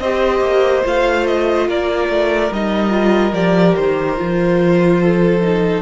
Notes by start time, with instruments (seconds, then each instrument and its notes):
0.00 cello C4, viola G4, violin C5 D#5
0.41 cello A#3
0.85 cello A3, viola F4, violin F5
1.27 violin D#5
1.68 cello A#3, violin A#4 D5
2.09 cello A3
2.52 cello G3, viola D#4, violin D#5
2.90 viola F4
3.33 cello F3, viola G4, violin D5
3.76 cello D#3, violin C5
4.17 cello F3, viola F4
5.01 violin A4
5.42 viola D#4